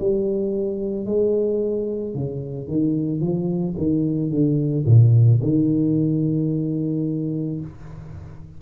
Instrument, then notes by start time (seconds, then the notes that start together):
tuba
0.00 G3
1.06 G#3
2.15 C#3
2.68 D#3
3.20 F3
3.78 D#3
4.31 D3
4.86 A#2
5.43 D#3